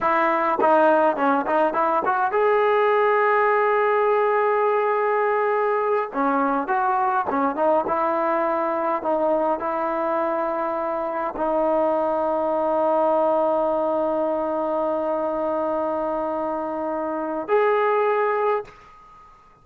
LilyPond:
\new Staff \with { instrumentName = "trombone" } { \time 4/4 \tempo 4 = 103 e'4 dis'4 cis'8 dis'8 e'8 fis'8 | gis'1~ | gis'2~ gis'8 cis'4 fis'8~ | fis'8 cis'8 dis'8 e'2 dis'8~ |
dis'8 e'2. dis'8~ | dis'1~ | dis'1~ | dis'2 gis'2 | }